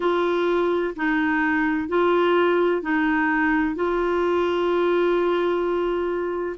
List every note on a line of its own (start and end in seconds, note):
0.00 0.94 F4
0.95 1.88 D#4
1.88 2.82 F4
2.82 3.75 D#4
3.75 6.56 F4